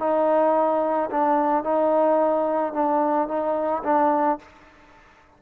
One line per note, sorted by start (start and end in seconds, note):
0.00 1.10 D#4
1.11 1.64 D4
1.64 2.74 D#4
2.74 3.29 D4
3.29 3.84 D#4
3.84 4.39 D4